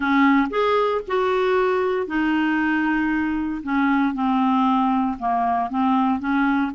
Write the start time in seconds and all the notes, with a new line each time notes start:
0.00 C#4
0.49 G#4
1.07 F#4
2.06 D#4
3.63 C#4
4.14 C4
5.19 A#3
5.69 C4
6.19 C#4